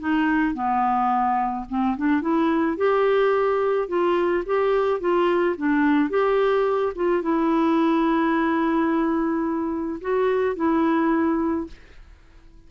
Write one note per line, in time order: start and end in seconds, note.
0.00 0.54 D#4
0.54 1.65 B3
1.69 1.97 C4
1.97 2.21 D4
2.21 2.77 E4
2.77 3.88 G4
3.88 4.44 F4
4.46 5.00 G4
5.00 5.56 F4
5.57 6.10 D4
6.10 6.93 G4
6.95 7.22 F4
7.22 10.00 E4
10.01 10.56 F#4
10.56 11.67 E4